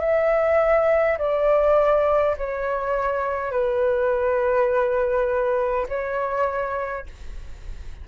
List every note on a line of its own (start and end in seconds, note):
0.00 1.18 E5
1.18 2.36 D5
2.37 3.51 C#5
3.51 5.86 B4
5.88 7.06 C#5